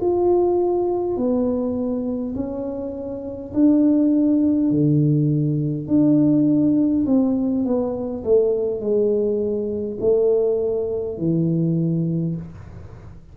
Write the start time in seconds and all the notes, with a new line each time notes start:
0.00 F4
1.17 B3
2.35 C#4
3.53 D4
4.70 D3
5.87 D4
7.06 C4
7.64 B3
8.24 A3
8.80 G#3
10.00 A3
11.18 E3